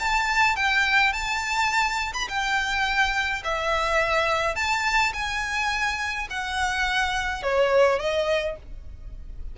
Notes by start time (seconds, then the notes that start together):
0.00 A5
0.56 G5
1.13 A5
2.14 B5
2.29 G5
3.44 E5
4.56 A5
5.14 G#5
6.30 F#5
7.43 C#5
8.00 D#5